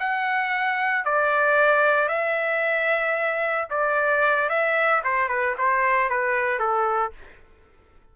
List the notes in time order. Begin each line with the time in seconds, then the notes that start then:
0.00 F#5
1.05 D5
2.09 E5
3.70 D5
4.49 E5
5.04 C5
5.29 B4
5.58 C5
6.10 B4
6.59 A4